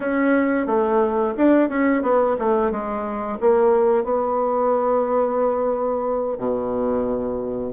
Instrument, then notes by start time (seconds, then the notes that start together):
bassoon
0.00 C#4
0.66 A3
1.37 D4
1.69 C#4
2.02 B3
2.38 A3
2.71 G#3
3.40 A#3
4.04 B3
6.38 B2